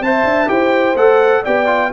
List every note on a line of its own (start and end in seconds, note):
0.00 0.24 C4
0.00 0.46 C5
0.00 0.51 E5
0.00 0.49 A5
0.24 0.48 D4
0.46 0.95 E4
0.46 0.94 G4
0.46 1.43 C5
0.46 0.96 G5
0.95 1.42 A3
0.95 1.44 A4
0.95 1.44 F#5
1.43 1.93 B3
1.43 1.66 G4
1.43 1.90 D5
1.43 1.92 G5
1.66 1.90 F4